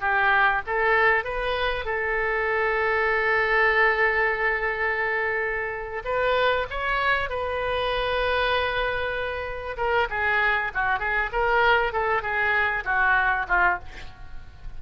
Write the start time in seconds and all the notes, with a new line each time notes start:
0.00 G4
0.66 A4
1.24 B4
1.85 A4
6.04 B4
6.70 C#5
7.29 B4
9.77 A#4
10.10 G#4
10.74 F#4
10.99 G#4
11.32 A#4
11.93 A4
12.22 G#4
12.85 F#4
13.48 F4